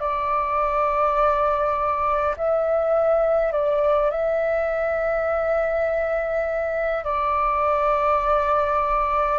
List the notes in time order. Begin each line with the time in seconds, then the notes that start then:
0.00 D5
2.37 E5
3.53 D5
4.11 E5
7.05 D5